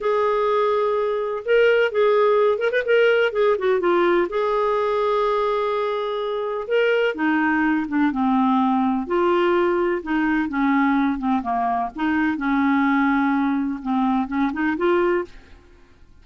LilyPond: \new Staff \with { instrumentName = "clarinet" } { \time 4/4 \tempo 4 = 126 gis'2. ais'4 | gis'4. ais'16 b'16 ais'4 gis'8 fis'8 | f'4 gis'2.~ | gis'2 ais'4 dis'4~ |
dis'8 d'8 c'2 f'4~ | f'4 dis'4 cis'4. c'8 | ais4 dis'4 cis'2~ | cis'4 c'4 cis'8 dis'8 f'4 | }